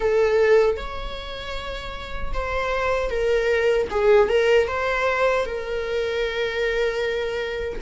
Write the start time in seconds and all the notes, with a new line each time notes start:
0.00 A4
0.77 C#5
2.33 C5
3.10 A#4
3.90 G#4
4.29 A#4
4.68 C5
5.45 A#4